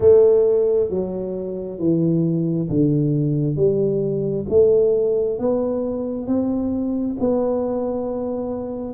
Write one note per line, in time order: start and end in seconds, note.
0.00 0.90 A3
0.90 1.78 F#3
1.78 2.68 E3
2.69 3.56 D3
3.56 4.45 G3
4.49 5.39 A3
5.39 6.26 B3
6.26 7.16 C4
7.19 8.93 B3